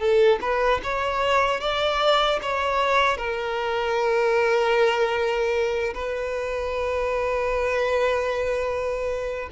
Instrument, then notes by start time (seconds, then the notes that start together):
violin
0.00 A4
0.42 B4
0.84 C#5
1.61 D5
2.43 C#5
3.18 A#4
5.94 B4